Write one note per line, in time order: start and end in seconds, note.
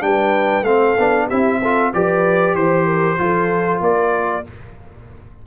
0.00 0.62 G3
0.00 0.63 D4
0.00 0.68 B4
0.00 0.64 G5
0.62 0.94 A3
0.62 0.97 C4
0.62 1.27 A4
0.62 1.27 F5
0.98 1.30 B3
0.98 1.30 D4
1.27 1.93 C4
1.27 1.62 E4
1.27 1.58 G4
1.27 1.92 E5
1.61 1.93 F4
1.61 1.92 A4
1.93 2.55 F3
1.93 3.17 G4
1.93 2.56 B4
1.93 2.55 D5
2.55 3.18 E3
2.55 3.81 C5
2.55 2.85 C5
2.85 3.17 A#4
3.17 3.81 F3
3.17 4.44 F4
3.17 3.82 A4
3.81 4.44 A#3
3.81 4.46 A#4
3.81 4.46 D5